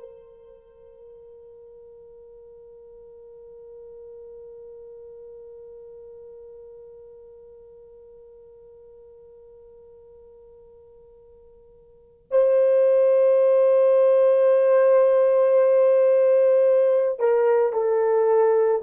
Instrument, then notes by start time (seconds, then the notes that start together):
horn
0.00 A#4
12.31 C5
17.20 A#4
17.73 A4